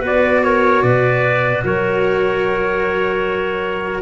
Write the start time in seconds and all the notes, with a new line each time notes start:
0.00 B3 F#4 B4
0.07 D5
0.43 A#4 C#5
0.83 B2 B4 D5
1.64 F#3 A#4 C#5